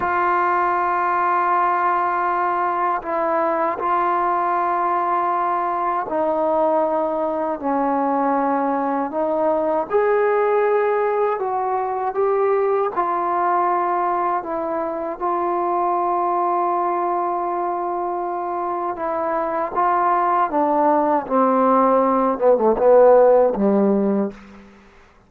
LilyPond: \new Staff \with { instrumentName = "trombone" } { \time 4/4 \tempo 4 = 79 f'1 | e'4 f'2. | dis'2 cis'2 | dis'4 gis'2 fis'4 |
g'4 f'2 e'4 | f'1~ | f'4 e'4 f'4 d'4 | c'4. b16 a16 b4 g4 | }